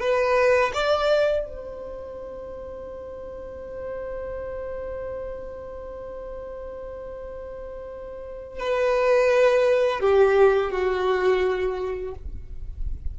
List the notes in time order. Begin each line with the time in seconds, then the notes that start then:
0.00 B4
0.74 D5
1.45 C5
8.59 B4
10.00 G4
10.71 F#4